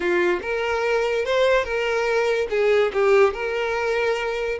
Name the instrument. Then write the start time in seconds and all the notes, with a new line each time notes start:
violin
0.00 F4
0.42 A#4
1.25 C5
1.64 A#4
2.50 G#4
2.93 G4
3.33 A#4